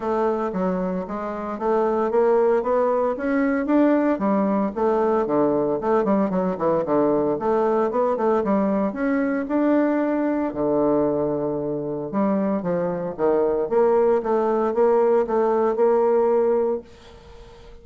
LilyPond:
\new Staff \with { instrumentName = "bassoon" } { \time 4/4 \tempo 4 = 114 a4 fis4 gis4 a4 | ais4 b4 cis'4 d'4 | g4 a4 d4 a8 g8 | fis8 e8 d4 a4 b8 a8 |
g4 cis'4 d'2 | d2. g4 | f4 dis4 ais4 a4 | ais4 a4 ais2 | }